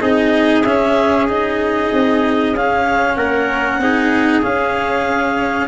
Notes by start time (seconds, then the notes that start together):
0.00 C4 D#4 G#4 D#5
0.63 C#4 E5
1.28 D#4 D#5
1.93 C4
2.52 C#4 F5
3.16 A#3 A#4 F#5
3.78 C4 D#4 G#4
4.42 C#4 F5